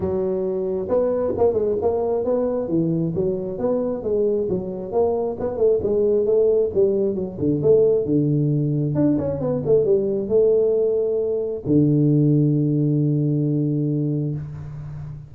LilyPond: \new Staff \with { instrumentName = "tuba" } { \time 4/4 \tempo 4 = 134 fis2 b4 ais8 gis8 | ais4 b4 e4 fis4 | b4 gis4 fis4 ais4 | b8 a8 gis4 a4 g4 |
fis8 d8 a4 d2 | d'8 cis'8 b8 a8 g4 a4~ | a2 d2~ | d1 | }